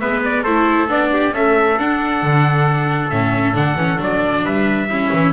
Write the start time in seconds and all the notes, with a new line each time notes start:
0.00 G#3 B3 B4 E5
0.24 D5
0.43 A3 E4 A4 C5
0.88 B3 D4 D5
1.13 G4
1.31 A3 C#4 A4 E5
1.79 D4 F#5
2.23 D3
3.10 A2 C#4 E5
3.54 D3 D4 F#5
3.75 E3 C#4
3.98 F#3 D4 D5
4.44 G3 B4 E5
4.90 C#4 E4
5.12 E3